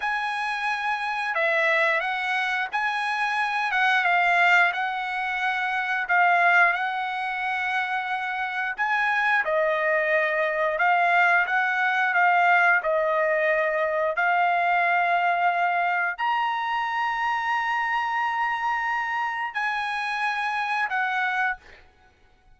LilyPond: \new Staff \with { instrumentName = "trumpet" } { \time 4/4 \tempo 4 = 89 gis''2 e''4 fis''4 | gis''4. fis''8 f''4 fis''4~ | fis''4 f''4 fis''2~ | fis''4 gis''4 dis''2 |
f''4 fis''4 f''4 dis''4~ | dis''4 f''2. | ais''1~ | ais''4 gis''2 fis''4 | }